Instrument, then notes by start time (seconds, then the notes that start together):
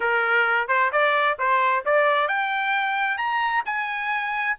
trumpet
0.00 A#4
0.67 C5
0.92 D5
1.38 C5
1.85 D5
2.28 G5
3.17 A#5
3.65 G#5